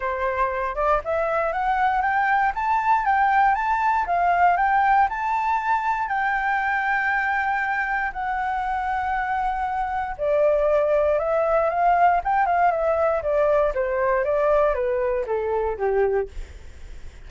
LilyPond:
\new Staff \with { instrumentName = "flute" } { \time 4/4 \tempo 4 = 118 c''4. d''8 e''4 fis''4 | g''4 a''4 g''4 a''4 | f''4 g''4 a''2 | g''1 |
fis''1 | d''2 e''4 f''4 | g''8 f''8 e''4 d''4 c''4 | d''4 b'4 a'4 g'4 | }